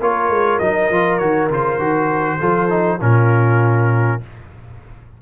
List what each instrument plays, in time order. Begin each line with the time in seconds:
0.00 tuba A#3, trombone F4, horn A#4, trumpet C#5
0.29 tuba G#3
0.59 tuba F#3, trombone D#4, trumpet D#5
0.90 tuba F3, trombone F4
1.18 tuba D#3, trombone F#4, trumpet C#5
1.49 tuba C#3, trombone F4, trumpet C5
1.78 tuba D#3, trombone F#4
2.40 tuba F3, trombone F4, horn A4
2.69 trombone D#4
3.01 tuba A#2, trombone C#4, horn F4, trumpet A#4